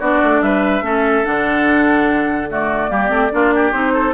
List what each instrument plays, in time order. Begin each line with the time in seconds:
0.00 bassoon B3, clarinet D4, oboe F#4, flute D5
0.24 bassoon A3
0.42 bassoon G3, oboe B4, flute E5
0.82 bassoon A3, clarinet C#4, oboe A4
1.25 bassoon D3, clarinet D4, flute F#5
2.50 clarinet A3, oboe F#4, flute D5
2.89 bassoon G3, clarinet A#3, oboe G4
3.09 bassoon A3, clarinet C4
3.32 bassoon A#3, clarinet D4, oboe F4
3.55 oboe G4
3.73 bassoon C4, clarinet D#4, flute C5
3.94 oboe A4